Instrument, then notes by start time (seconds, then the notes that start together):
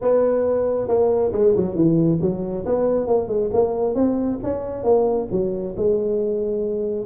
tuba
0.01 B3
0.87 A#3
1.32 G#3
1.56 F#3
1.75 E3
2.21 F#3
2.65 B3
3.07 A#3
3.28 G#3
3.53 A#3
3.94 C4
4.43 C#4
4.83 A#3
5.31 F#3
5.77 G#3